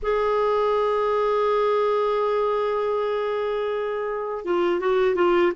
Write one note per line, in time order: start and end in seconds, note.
0.02 4.44 G#4
4.44 4.79 F4
4.79 5.15 F#4
5.15 5.52 F4